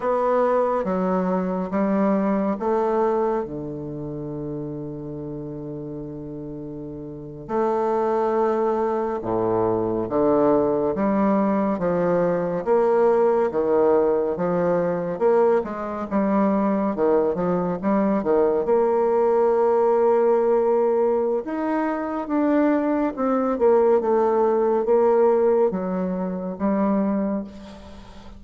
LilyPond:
\new Staff \with { instrumentName = "bassoon" } { \time 4/4 \tempo 4 = 70 b4 fis4 g4 a4 | d1~ | d8. a2 a,4 d16~ | d8. g4 f4 ais4 dis16~ |
dis8. f4 ais8 gis8 g4 dis16~ | dis16 f8 g8 dis8 ais2~ ais16~ | ais4 dis'4 d'4 c'8 ais8 | a4 ais4 fis4 g4 | }